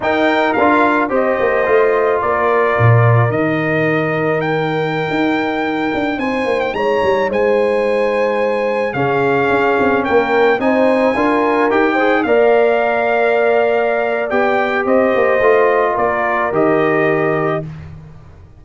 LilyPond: <<
  \new Staff \with { instrumentName = "trumpet" } { \time 4/4 \tempo 4 = 109 g''4 f''4 dis''2 | d''2 dis''2 | g''2.~ g''16 gis''8. | g''16 ais''4 gis''2~ gis''8.~ |
gis''16 f''2 g''4 gis''8.~ | gis''4~ gis''16 g''4 f''4.~ f''16~ | f''2 g''4 dis''4~ | dis''4 d''4 dis''2 | }
  \new Staff \with { instrumentName = "horn" } { \time 4/4 ais'2 c''2 | ais'1~ | ais'2.~ ais'16 c''8.~ | c''16 cis''4 c''2~ c''8.~ |
c''16 gis'2 ais'4 c''8.~ | c''16 ais'4. c''8 d''4.~ d''16~ | d''2. c''4~ | c''4 ais'2. | }
  \new Staff \with { instrumentName = "trombone" } { \time 4/4 dis'4 f'4 g'4 f'4~ | f'2 dis'2~ | dis'1~ | dis'1~ |
dis'16 cis'2. dis'8.~ | dis'16 f'4 g'8 gis'8 ais'4.~ ais'16~ | ais'2 g'2 | f'2 g'2 | }
  \new Staff \with { instrumentName = "tuba" } { \time 4/4 dis'4 d'4 c'8 ais8 a4 | ais4 ais,4 dis2~ | dis4~ dis16 dis'4. d'8 c'8 ais16~ | ais16 gis8 g8 gis2~ gis8.~ |
gis16 cis4 cis'8 c'8 ais4 c'8.~ | c'16 d'4 dis'4 ais4.~ ais16~ | ais2 b4 c'8 ais8 | a4 ais4 dis2 | }
>>